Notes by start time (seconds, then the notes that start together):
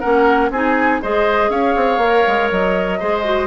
0.00 A#3 C#4 A#4 F#5
0.51 C4 D#4 G#4 G#5
1.03 G#3 G#4 C5 D#5
1.50 C#4 C#5 F5
1.77 C4
1.98 A#3 A#4
2.28 G#3
2.51 F#3 D#5
3.00 G#3 G#4 C5
3.25 F#4